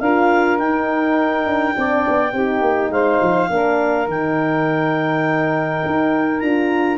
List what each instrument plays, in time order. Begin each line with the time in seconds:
0.00 tuba D4, horn F4, saxophone A#4, clarinet F5
0.58 tuba D#4, horn D#4, clarinet G5
1.46 tuba D4
1.72 tuba C4, horn D4
1.79 saxophone D5
2.08 tuba B3
2.32 tuba C4, horn D#4, saxophone G4
2.62 tuba A#3
2.90 tuba G#3, saxophone C5, clarinet F5
3.22 tuba F3
3.49 tuba A#3, horn D4, saxophone A#4
4.08 tuba D#3, horn D#4, clarinet G5
5.86 tuba D#4
6.40 tuba D4, horn F4, clarinet A#5